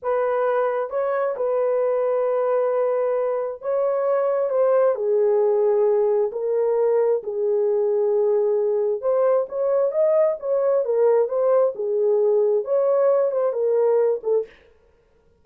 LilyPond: \new Staff \with { instrumentName = "horn" } { \time 4/4 \tempo 4 = 133 b'2 cis''4 b'4~ | b'1 | cis''2 c''4 gis'4~ | gis'2 ais'2 |
gis'1 | c''4 cis''4 dis''4 cis''4 | ais'4 c''4 gis'2 | cis''4. c''8 ais'4. a'8 | }